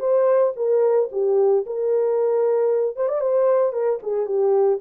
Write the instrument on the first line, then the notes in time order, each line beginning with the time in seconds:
horn
0.00 C5
0.56 A#4
1.12 G4
1.66 A#4
2.96 C5
3.08 D5
3.21 C5
3.73 A#4
4.03 G#4
4.26 G4